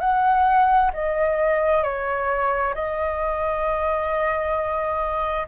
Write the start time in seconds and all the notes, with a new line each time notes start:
0.00 F#5
0.93 D#5
1.83 C#5
2.74 D#5